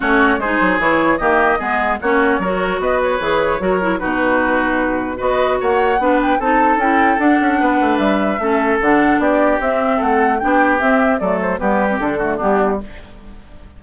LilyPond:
<<
  \new Staff \with { instrumentName = "flute" } { \time 4/4 \tempo 4 = 150 cis''4 c''4 cis''4 dis''4~ | dis''4 cis''2 dis''8 cis''8~ | cis''2 b'2~ | b'4 dis''4 fis''4. g''8 |
a''4 g''4 fis''2 | e''2 fis''4 d''4 | e''4 fis''4 g''4 e''4 | d''8 c''8 b'4 a'4 g'4 | }
  \new Staff \with { instrumentName = "oboe" } { \time 4/4 fis'4 gis'2 g'4 | gis'4 fis'4 ais'4 b'4~ | b'4 ais'4 fis'2~ | fis'4 b'4 cis''4 b'4 |
a'2. b'4~ | b'4 a'2 g'4~ | g'4 a'4 g'2 | a'4 g'4. fis'8 d'4 | }
  \new Staff \with { instrumentName = "clarinet" } { \time 4/4 cis'4 dis'4 e'4 ais4 | b4 cis'4 fis'2 | gis'4 fis'8 e'8 dis'2~ | dis'4 fis'2 d'4 |
dis'4 e'4 d'2~ | d'4 cis'4 d'2 | c'2 d'4 c'4 | a4 b8. c'16 d'8 a8 b4 | }
  \new Staff \with { instrumentName = "bassoon" } { \time 4/4 a4 gis8 fis8 e4 dis4 | gis4 ais4 fis4 b4 | e4 fis4 b,2~ | b,4 b4 ais4 b4 |
c'4 cis'4 d'8 cis'8 b8 a8 | g4 a4 d4 b4 | c'4 a4 b4 c'4 | fis4 g4 d4 g4 | }
>>